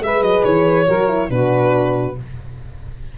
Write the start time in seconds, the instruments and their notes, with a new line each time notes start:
0.00 tuba G#3, horn G#4, saxophone B4, violin E5
0.22 tuba F#3, violin D#5
0.44 tuba E3, violin C#5
0.85 tuba F#3, horn F#4, saxophone A#4
1.07 horn E4
1.29 tuba B2, horn D4, saxophone F#4, violin B4